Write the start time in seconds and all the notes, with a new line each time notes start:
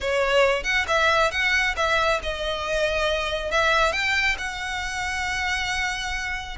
0.00 C#5
0.63 F#5
0.87 E5
1.31 F#5
1.76 E5
2.22 D#5
3.51 E5
3.92 G5
4.38 F#5